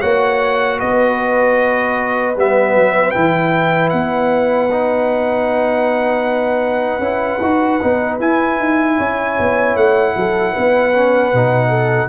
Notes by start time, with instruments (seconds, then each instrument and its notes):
0.00 tuba A#3, trombone F#4, horn C#5, trumpet F#5
0.78 tuba B3, horn B4, trumpet D#5
2.37 tuba G3, trombone B3, trumpet E5
2.75 tuba F#3
3.11 tuba E3, trombone E4, trumpet G5
3.89 tuba B3, trumpet F#5
4.71 trombone D#4
6.99 tuba C#4, trombone E4
7.40 tuba D#4, trombone F#4
7.82 tuba B3, trombone D#4
8.20 tuba E4, trombone E4, trumpet G#5
8.59 tuba D#4
8.97 tuba C#4, horn C#5
9.39 tuba B3
9.76 tuba A3, trumpet F#5
10.16 tuba F#3, horn A4
10.52 tuba B3, horn B4
10.94 trombone C#4
11.33 tuba B2, trombone D#4
11.69 horn A4